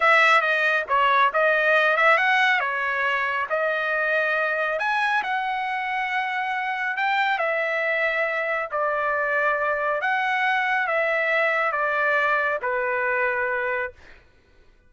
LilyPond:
\new Staff \with { instrumentName = "trumpet" } { \time 4/4 \tempo 4 = 138 e''4 dis''4 cis''4 dis''4~ | dis''8 e''8 fis''4 cis''2 | dis''2. gis''4 | fis''1 |
g''4 e''2. | d''2. fis''4~ | fis''4 e''2 d''4~ | d''4 b'2. | }